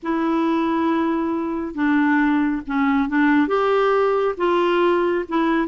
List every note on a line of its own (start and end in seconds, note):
0.02 1.74 E4
1.74 2.62 D4
2.66 3.08 C#4
3.08 3.47 D4
3.47 4.35 G4
4.37 5.24 F4
5.28 5.68 E4